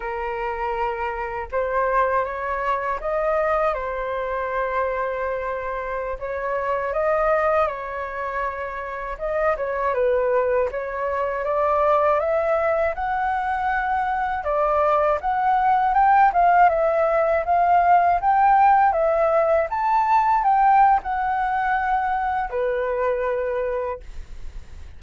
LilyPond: \new Staff \with { instrumentName = "flute" } { \time 4/4 \tempo 4 = 80 ais'2 c''4 cis''4 | dis''4 c''2.~ | c''16 cis''4 dis''4 cis''4.~ cis''16~ | cis''16 dis''8 cis''8 b'4 cis''4 d''8.~ |
d''16 e''4 fis''2 d''8.~ | d''16 fis''4 g''8 f''8 e''4 f''8.~ | f''16 g''4 e''4 a''4 g''8. | fis''2 b'2 | }